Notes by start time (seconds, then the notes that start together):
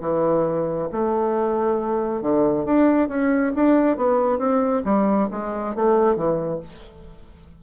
0.00 E3
0.92 A3
2.21 D3
2.65 D4
3.08 C#4
3.55 D4
3.97 B3
4.38 C4
4.84 G3
5.31 G#3
5.75 A3
6.15 E3